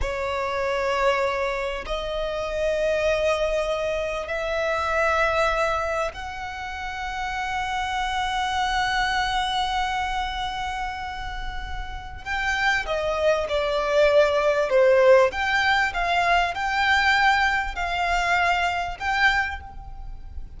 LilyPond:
\new Staff \with { instrumentName = "violin" } { \time 4/4 \tempo 4 = 98 cis''2. dis''4~ | dis''2. e''4~ | e''2 fis''2~ | fis''1~ |
fis''1 | g''4 dis''4 d''2 | c''4 g''4 f''4 g''4~ | g''4 f''2 g''4 | }